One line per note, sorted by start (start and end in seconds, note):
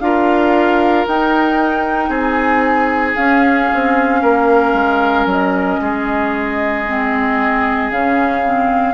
0.00 1.05 D4
0.00 1.07 F4
0.00 2.10 A#4
0.00 1.05 F5
1.07 2.09 D#4
1.07 3.16 D#4
1.07 2.13 G5
2.09 3.14 C4
2.09 4.20 G#4
2.16 3.16 G#5
3.16 6.85 C#4
3.16 3.70 C#4
3.16 5.27 F5
3.74 4.23 C4
4.22 4.73 A#3
4.22 5.80 A#4
4.73 5.26 G#3
5.26 5.79 F#3
5.26 7.91 D#5
5.81 7.91 G#3
5.81 8.94 G#4
6.87 7.92 C4
7.91 8.94 C#3
7.91 8.44 C#4
7.91 8.94 F5
8.45 8.94 C4